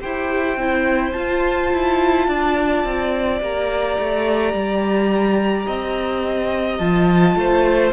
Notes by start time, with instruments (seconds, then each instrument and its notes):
0.00 cello E4, viola G4, violin C5 G5
0.57 cello C4, viola E4
1.12 viola F4, cello F4, violin A5
1.73 cello E4
2.28 cello D4, violin D5
2.84 cello C4
3.41 cello A#3, viola G4, violin A#5
3.99 cello A3
4.53 cello G3
5.67 cello C4, violin D#5
6.79 cello F3, viola F4, violin A5
7.36 cello A3, violin C5